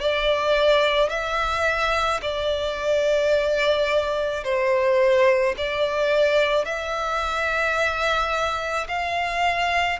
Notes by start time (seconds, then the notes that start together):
0.00 D5
1.09 E5
2.21 D5
4.43 C5
5.57 D5
6.65 E5
8.88 F5